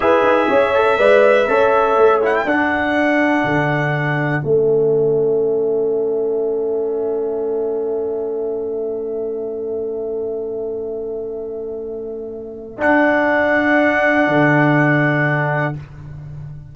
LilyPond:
<<
  \new Staff \with { instrumentName = "trumpet" } { \time 4/4 \tempo 4 = 122 e''1~ | e''8 fis''16 g''16 fis''2.~ | fis''4 e''2.~ | e''1~ |
e''1~ | e''1~ | e''2 fis''2~ | fis''1 | }
  \new Staff \with { instrumentName = "horn" } { \time 4/4 b'4 cis''4 d''4 cis''4~ | cis''4 a'2.~ | a'1~ | a'1~ |
a'1~ | a'1~ | a'1~ | a'1 | }
  \new Staff \with { instrumentName = "trombone" } { \time 4/4 gis'4. a'8 b'4 a'4~ | a'8 e'8 d'2.~ | d'4 cis'2.~ | cis'1~ |
cis'1~ | cis'1~ | cis'2 d'2~ | d'1 | }
  \new Staff \with { instrumentName = "tuba" } { \time 4/4 e'8 dis'8 cis'4 gis4 cis'4 | a4 d'2 d4~ | d4 a2.~ | a1~ |
a1~ | a1~ | a2 d'2~ | d'4 d2. | }
>>